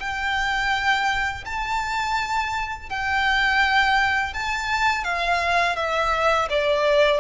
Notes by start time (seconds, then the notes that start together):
0.00 G5
1.45 A5
2.89 G5
4.33 A5
5.04 F5
5.76 E5
6.50 D5